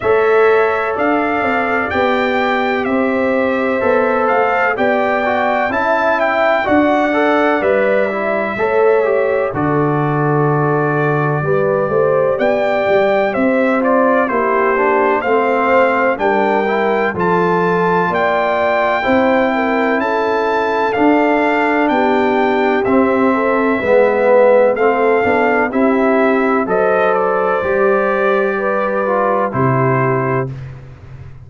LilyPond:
<<
  \new Staff \with { instrumentName = "trumpet" } { \time 4/4 \tempo 4 = 63 e''4 f''4 g''4 e''4~ | e''8 f''8 g''4 a''8 g''8 fis''4 | e''2 d''2~ | d''4 g''4 e''8 d''8 c''4 |
f''4 g''4 a''4 g''4~ | g''4 a''4 f''4 g''4 | e''2 f''4 e''4 | dis''8 d''2~ d''8 c''4 | }
  \new Staff \with { instrumentName = "horn" } { \time 4/4 cis''4 d''2 c''4~ | c''4 d''4 e''4 d''4~ | d''4 cis''4 a'2 | b'8 c''8 d''4 c''4 g'4 |
c''4 ais'4 a'4 d''4 | c''8 ais'8 a'2 g'4~ | g'8 a'8 b'4 a'4 g'4 | c''2 b'4 g'4 | }
  \new Staff \with { instrumentName = "trombone" } { \time 4/4 a'2 g'2 | a'4 g'8 fis'8 e'4 fis'8 a'8 | b'8 e'8 a'8 g'8 fis'2 | g'2~ g'8 f'8 e'8 d'8 |
c'4 d'8 e'8 f'2 | e'2 d'2 | c'4 b4 c'8 d'8 e'4 | a'4 g'4. f'8 e'4 | }
  \new Staff \with { instrumentName = "tuba" } { \time 4/4 a4 d'8 c'8 b4 c'4 | b8 a8 b4 cis'4 d'4 | g4 a4 d2 | g8 a8 b8 g8 c'4 ais4 |
a4 g4 f4 ais4 | c'4 cis'4 d'4 b4 | c'4 gis4 a8 b8 c'4 | fis4 g2 c4 | }
>>